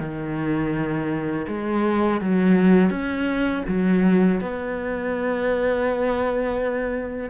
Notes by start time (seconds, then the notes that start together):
0.00 D#3
1.48 G#3
2.21 F#3
2.91 C#4
3.69 F#3
4.41 B3